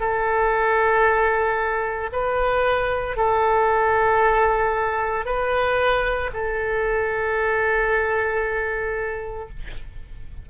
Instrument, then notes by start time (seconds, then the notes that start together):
oboe
0.00 A4
2.12 B4
3.17 A4
5.25 B4
6.33 A4